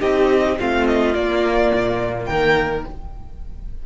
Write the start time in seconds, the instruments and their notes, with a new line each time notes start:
0.00 cello C4, viola D#4, violin G4 D#5
0.58 cello A3, viola C4, violin F4 F5
0.87 violin D#5
1.14 cello A#3, viola A#3, violin D5
1.73 cello A#2
2.25 cello D#3, violin A#4 G5